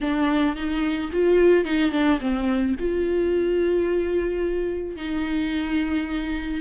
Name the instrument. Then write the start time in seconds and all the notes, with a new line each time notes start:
viola
0.01 D4
0.55 D#4
1.12 F4
1.65 D#4
1.91 D4
2.20 C4
2.79 F4
4.96 D#4